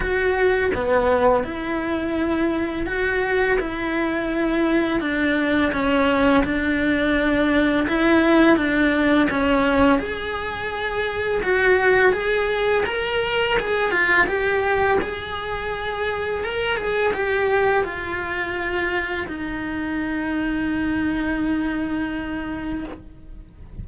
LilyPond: \new Staff \with { instrumentName = "cello" } { \time 4/4 \tempo 4 = 84 fis'4 b4 e'2 | fis'4 e'2 d'4 | cis'4 d'2 e'4 | d'4 cis'4 gis'2 |
fis'4 gis'4 ais'4 gis'8 f'8 | g'4 gis'2 ais'8 gis'8 | g'4 f'2 dis'4~ | dis'1 | }